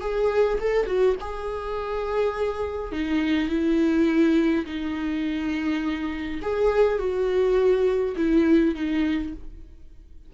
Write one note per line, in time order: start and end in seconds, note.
0.00 0.58 G#4
0.60 0.86 A4
0.86 1.15 F#4
1.20 2.92 G#4
2.92 3.48 D#4
3.48 4.65 E4
4.65 6.40 D#4
6.42 6.98 G#4
6.98 8.15 F#4
8.16 8.74 E4
8.75 9.33 D#4